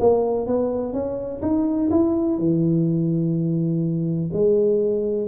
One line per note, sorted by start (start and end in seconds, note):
0.00 0.47 A#3
0.47 0.93 B3
0.93 1.41 C#4
1.42 1.90 D#4
1.90 2.38 E4
2.38 4.30 E3
4.33 5.28 G#3